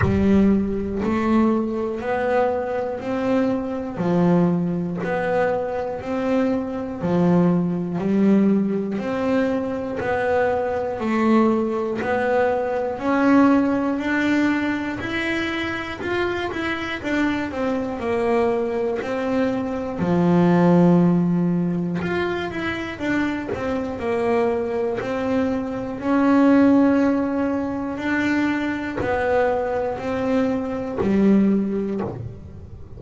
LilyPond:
\new Staff \with { instrumentName = "double bass" } { \time 4/4 \tempo 4 = 60 g4 a4 b4 c'4 | f4 b4 c'4 f4 | g4 c'4 b4 a4 | b4 cis'4 d'4 e'4 |
f'8 e'8 d'8 c'8 ais4 c'4 | f2 f'8 e'8 d'8 c'8 | ais4 c'4 cis'2 | d'4 b4 c'4 g4 | }